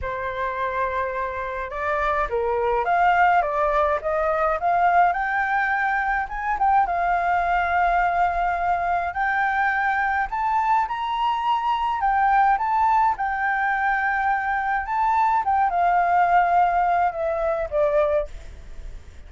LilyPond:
\new Staff \with { instrumentName = "flute" } { \time 4/4 \tempo 4 = 105 c''2. d''4 | ais'4 f''4 d''4 dis''4 | f''4 g''2 gis''8 g''8 | f''1 |
g''2 a''4 ais''4~ | ais''4 g''4 a''4 g''4~ | g''2 a''4 g''8 f''8~ | f''2 e''4 d''4 | }